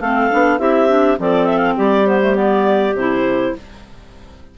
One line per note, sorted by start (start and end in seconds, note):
0.00 0.29 A3
0.00 0.31 C4
0.00 0.60 A4
0.00 0.59 F5
0.31 0.59 B3
0.31 0.59 D4
0.59 1.18 C4
0.59 0.88 E4
0.59 1.19 G4
0.59 1.18 E5
0.88 1.17 D4
1.19 1.78 F3
1.19 2.06 C4
1.19 1.77 A4
1.19 1.47 D5
1.47 1.58 E5
1.58 1.73 F5
1.77 2.95 G3
1.77 3.53 G4
1.77 2.07 D5
2.06 2.20 B3
2.06 2.36 C5
2.21 2.35 A3
2.35 2.94 B3
2.35 2.95 D5
2.95 3.53 C3
2.95 3.58 E4
2.95 3.56 C5